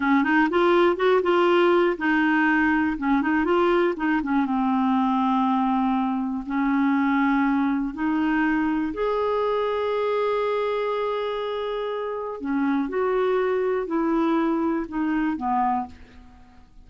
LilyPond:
\new Staff \with { instrumentName = "clarinet" } { \time 4/4 \tempo 4 = 121 cis'8 dis'8 f'4 fis'8 f'4. | dis'2 cis'8 dis'8 f'4 | dis'8 cis'8 c'2.~ | c'4 cis'2. |
dis'2 gis'2~ | gis'1~ | gis'4 cis'4 fis'2 | e'2 dis'4 b4 | }